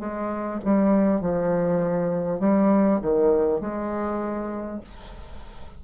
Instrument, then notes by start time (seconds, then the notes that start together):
bassoon
0.00 G#3
0.65 G3
1.21 F3
2.40 G3
3.02 D#3
3.61 G#3